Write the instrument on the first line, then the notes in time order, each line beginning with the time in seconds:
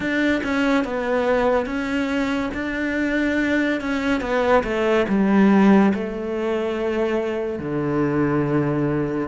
cello
0.00 D4
0.43 C#4
0.84 B3
1.66 C#4
2.54 D4
3.80 C#4
4.21 B3
4.63 A3
5.08 G3
5.94 A3
7.59 D3